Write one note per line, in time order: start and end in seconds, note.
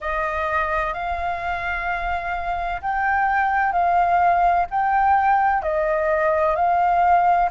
0.00 0.93 D#5
0.93 2.81 F5
2.81 3.72 G5
3.72 4.66 F5
4.70 5.62 G5
5.62 6.55 D#5
6.55 7.49 F5